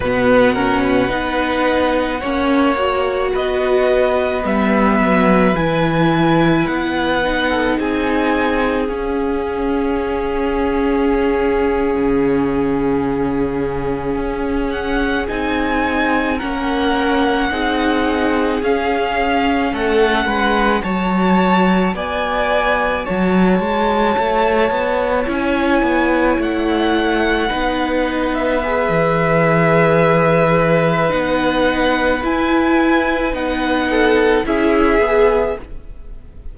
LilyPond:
<<
  \new Staff \with { instrumentName = "violin" } { \time 4/4 \tempo 4 = 54 fis''2. dis''4 | e''4 gis''4 fis''4 gis''4 | f''1~ | f''4~ f''16 fis''8 gis''4 fis''4~ fis''16~ |
fis''8. f''4 fis''4 a''4 gis''16~ | gis''8. a''2 gis''4 fis''16~ | fis''4. e''2~ e''8 | fis''4 gis''4 fis''4 e''4 | }
  \new Staff \with { instrumentName = "violin" } { \time 4/4 b'8 ais'16 b'4~ b'16 cis''4 b'4~ | b'2~ b'8. a'16 gis'4~ | gis'1~ | gis'2~ gis'8. ais'4 gis'16~ |
gis'4.~ gis'16 a'8 b'8 cis''4 d''16~ | d''8. cis''2.~ cis''16~ | cis''8. b'2.~ b'16~ | b'2~ b'8 a'8 gis'4 | }
  \new Staff \with { instrumentName = "viola" } { \time 4/4 b8 cis'8 dis'4 cis'8 fis'4. | b4 e'4. dis'4. | cis'1~ | cis'4.~ cis'16 dis'4 cis'4 dis'16~ |
dis'8. cis'2 fis'4~ fis'16~ | fis'2~ fis'8. e'4~ e'16~ | e'8. dis'4 gis'2~ gis'16 | dis'4 e'4 dis'4 e'8 gis'8 | }
  \new Staff \with { instrumentName = "cello" } { \time 4/4 b,4 b4 ais4 b4 | g8 fis8 e4 b4 c'4 | cis'2~ cis'8. cis4~ cis16~ | cis8. cis'4 c'4 ais4 c'16~ |
c'8. cis'4 a8 gis8 fis4 b16~ | b8. fis8 gis8 a8 b8 cis'8 b8 a16~ | a8. b4~ b16 e2 | b4 e'4 b4 cis'8 b8 | }
>>